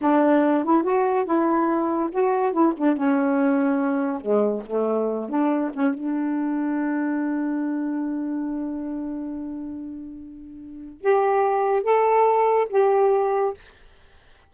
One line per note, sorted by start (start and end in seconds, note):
0.01 0.64 D4
0.64 0.83 E4
0.83 1.25 F#4
1.25 2.10 E4
2.11 2.52 F#4
2.52 2.73 E4
2.77 2.96 D4
2.96 4.21 C#4
4.21 4.63 G#3
4.66 5.29 A3
5.29 5.71 D4
5.73 5.94 C#4
5.94 11.01 D4
11.01 11.83 G4
11.83 12.67 A4
12.69 13.53 G4